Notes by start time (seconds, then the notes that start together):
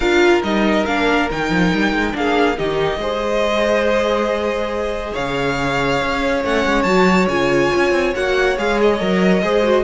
0.00 D4 F4 A#4 F5
0.42 G3 D#4 D#5
0.85 A#3 D4 F5
1.31 D#3 D#4 G5
1.50 F3
1.73 G3
1.92 G#3
2.12 A#3 D4 G#4 F5
2.57 D#3 D#4 G4 D#5
2.97 G#3 G#4 C5
5.13 C#3 C#5 F5
6.01 C#4
6.43 A3 C#4 F#5
6.65 G#3
6.83 F#3 F#4 A5
7.28 C#3 F4 G#5
7.75 C#4
7.91 C4
8.14 A#3 F#4 F#5
8.57 G#3 G#4 F5
8.81 D#5
9.00 F#3 A#4
9.42 G#3 G#4 C5
9.63 F#4